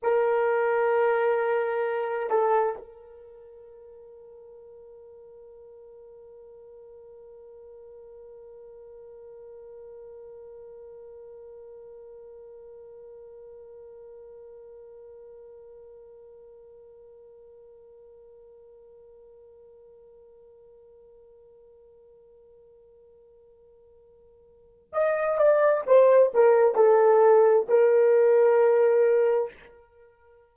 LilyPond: \new Staff \with { instrumentName = "horn" } { \time 4/4 \tempo 4 = 65 ais'2~ ais'8 a'8 ais'4~ | ais'1~ | ais'1~ | ais'1~ |
ais'1~ | ais'1~ | ais'2. dis''8 d''8 | c''8 ais'8 a'4 ais'2 | }